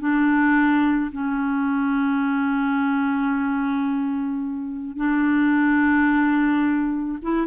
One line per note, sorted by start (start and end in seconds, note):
0.00 1.11 D4
1.12 4.96 C#4
4.96 7.19 D4
7.22 7.46 E4